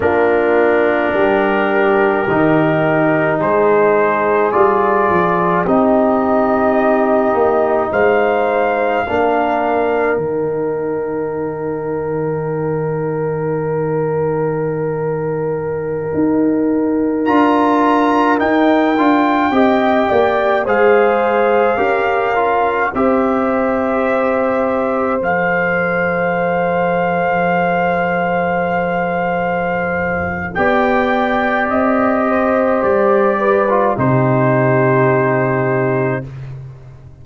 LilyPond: <<
  \new Staff \with { instrumentName = "trumpet" } { \time 4/4 \tempo 4 = 53 ais'2. c''4 | d''4 dis''2 f''4~ | f''4 g''2.~ | g''2.~ g''16 ais''8.~ |
ais''16 g''2 f''4.~ f''16~ | f''16 e''2 f''4.~ f''16~ | f''2. g''4 | dis''4 d''4 c''2 | }
  \new Staff \with { instrumentName = "horn" } { \time 4/4 f'4 g'2 gis'4~ | gis'4 g'2 c''4 | ais'1~ | ais'1~ |
ais'4~ ais'16 dis''8 d''8 c''4 ais'8.~ | ais'16 c''2.~ c''8.~ | c''2. d''4~ | d''8 c''4 b'8 g'2 | }
  \new Staff \with { instrumentName = "trombone" } { \time 4/4 d'2 dis'2 | f'4 dis'2. | d'4 dis'2.~ | dis'2.~ dis'16 f'8.~ |
f'16 dis'8 f'8 g'4 gis'4 g'8 f'16~ | f'16 g'2 a'4.~ a'16~ | a'2. g'4~ | g'4.~ g'16 f'16 dis'2 | }
  \new Staff \with { instrumentName = "tuba" } { \time 4/4 ais4 g4 dis4 gis4 | g8 f8 c'4. ais8 gis4 | ais4 dis2.~ | dis2~ dis16 dis'4 d'8.~ |
d'16 dis'8 d'8 c'8 ais8 gis4 cis'8.~ | cis'16 c'2 f4.~ f16~ | f2. b4 | c'4 g4 c2 | }
>>